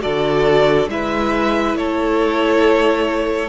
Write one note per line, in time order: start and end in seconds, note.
0.00 0.87 D3
0.00 0.87 F#4
0.00 0.90 A4
0.00 0.88 D5
0.87 1.74 G#3
0.87 3.48 E4
0.87 1.78 B4
0.87 1.77 E5
1.74 3.48 A3
1.74 3.48 A4
1.74 3.48 C#5